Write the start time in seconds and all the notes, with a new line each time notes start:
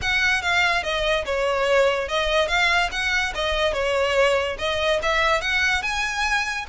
0.01 F#5
0.42 F5
0.83 D#5
1.25 C#5
2.08 D#5
2.48 F5
2.91 F#5
3.34 D#5
3.73 C#5
4.58 D#5
5.02 E5
5.41 F#5
5.82 G#5